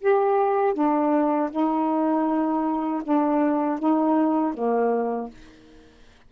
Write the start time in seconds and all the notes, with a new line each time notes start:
0.00 G4
0.75 D4
1.51 D#4
3.04 D4
3.80 D#4
4.55 A#3